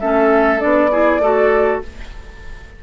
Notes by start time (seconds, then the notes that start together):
0.00 A3 C#4 A4 E5
0.59 B3 D4 D5
0.91 E4 G#4
1.19 A3 F#4 A4